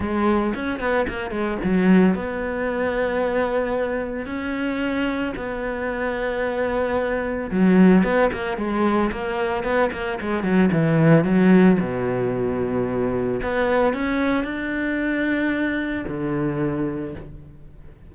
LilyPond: \new Staff \with { instrumentName = "cello" } { \time 4/4 \tempo 4 = 112 gis4 cis'8 b8 ais8 gis8 fis4 | b1 | cis'2 b2~ | b2 fis4 b8 ais8 |
gis4 ais4 b8 ais8 gis8 fis8 | e4 fis4 b,2~ | b,4 b4 cis'4 d'4~ | d'2 d2 | }